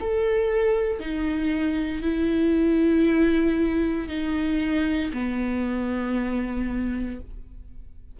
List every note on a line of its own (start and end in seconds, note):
0.00 0.99 A4
0.99 2.02 D#4
2.02 4.08 E4
4.08 5.12 D#4
5.13 7.19 B3